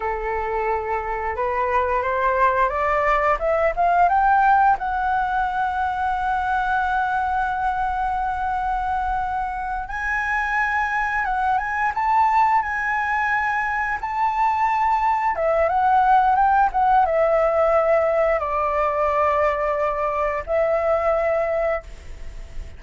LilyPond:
\new Staff \with { instrumentName = "flute" } { \time 4/4 \tempo 4 = 88 a'2 b'4 c''4 | d''4 e''8 f''8 g''4 fis''4~ | fis''1~ | fis''2~ fis''8 gis''4.~ |
gis''8 fis''8 gis''8 a''4 gis''4.~ | gis''8 a''2 e''8 fis''4 | g''8 fis''8 e''2 d''4~ | d''2 e''2 | }